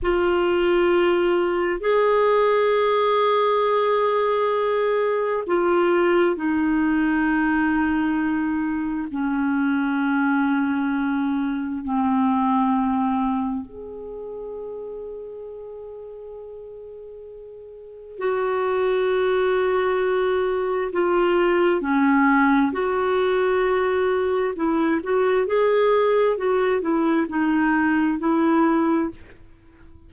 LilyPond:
\new Staff \with { instrumentName = "clarinet" } { \time 4/4 \tempo 4 = 66 f'2 gis'2~ | gis'2 f'4 dis'4~ | dis'2 cis'2~ | cis'4 c'2 gis'4~ |
gis'1 | fis'2. f'4 | cis'4 fis'2 e'8 fis'8 | gis'4 fis'8 e'8 dis'4 e'4 | }